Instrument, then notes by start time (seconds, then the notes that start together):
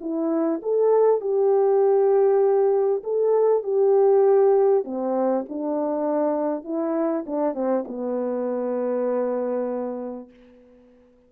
horn
0.00 E4
0.62 A4
1.20 G4
3.04 A4
3.63 G4
4.84 C4
5.49 D4
6.64 E4
7.26 D4
7.54 C4
7.87 B3